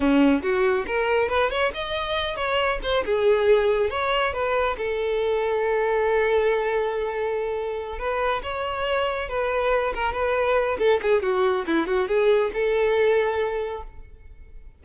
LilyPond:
\new Staff \with { instrumentName = "violin" } { \time 4/4 \tempo 4 = 139 cis'4 fis'4 ais'4 b'8 cis''8 | dis''4. cis''4 c''8 gis'4~ | gis'4 cis''4 b'4 a'4~ | a'1~ |
a'2~ a'8 b'4 cis''8~ | cis''4. b'4. ais'8 b'8~ | b'4 a'8 gis'8 fis'4 e'8 fis'8 | gis'4 a'2. | }